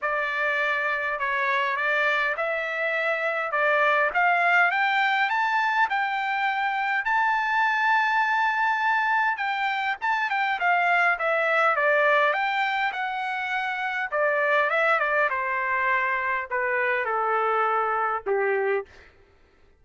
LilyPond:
\new Staff \with { instrumentName = "trumpet" } { \time 4/4 \tempo 4 = 102 d''2 cis''4 d''4 | e''2 d''4 f''4 | g''4 a''4 g''2 | a''1 |
g''4 a''8 g''8 f''4 e''4 | d''4 g''4 fis''2 | d''4 e''8 d''8 c''2 | b'4 a'2 g'4 | }